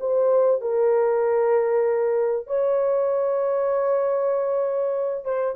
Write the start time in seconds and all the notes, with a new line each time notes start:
0.00 C5
0.61 A#4
2.47 C#5
5.25 C5